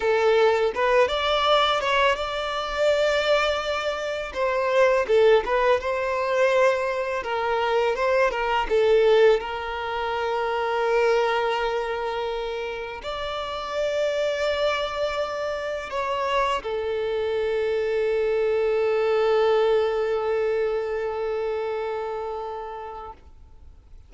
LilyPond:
\new Staff \with { instrumentName = "violin" } { \time 4/4 \tempo 4 = 83 a'4 b'8 d''4 cis''8 d''4~ | d''2 c''4 a'8 b'8 | c''2 ais'4 c''8 ais'8 | a'4 ais'2.~ |
ais'2 d''2~ | d''2 cis''4 a'4~ | a'1~ | a'1 | }